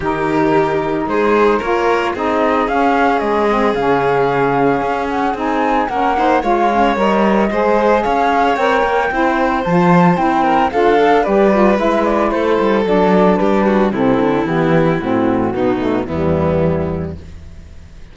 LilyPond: <<
  \new Staff \with { instrumentName = "flute" } { \time 4/4 \tempo 4 = 112 ais'2 c''4 cis''4 | dis''4 f''4 dis''4 f''4~ | f''4. fis''8 gis''4 fis''4 | f''4 dis''2 f''4 |
g''2 a''4 g''4 | f''4 d''4 e''8 d''8 c''4 | d''4 b'4 a'4 g'4 | fis'2 e'2 | }
  \new Staff \with { instrumentName = "violin" } { \time 4/4 g'2 gis'4 ais'4 | gis'1~ | gis'2. ais'8 c''8 | cis''2 c''4 cis''4~ |
cis''4 c''2~ c''8 ais'8 | a'4 b'2 a'4~ | a'4 g'8 fis'8 e'2~ | e'4 dis'4 b2 | }
  \new Staff \with { instrumentName = "saxophone" } { \time 4/4 dis'2. f'4 | dis'4 cis'4. c'8 cis'4~ | cis'2 dis'4 cis'8 dis'8 | f'8 cis'8 ais'4 gis'2 |
ais'4 e'4 f'4 e'4 | f'8 a'8 g'8 f'8 e'2 | d'2 c'4 b4 | c'4 b8 a8 g2 | }
  \new Staff \with { instrumentName = "cello" } { \time 4/4 dis2 gis4 ais4 | c'4 cis'4 gis4 cis4~ | cis4 cis'4 c'4 ais4 | gis4 g4 gis4 cis'4 |
c'8 ais8 c'4 f4 c'4 | d'4 g4 gis4 a8 g8 | fis4 g4 c8 d8 e4 | a,4 b,4 e,2 | }
>>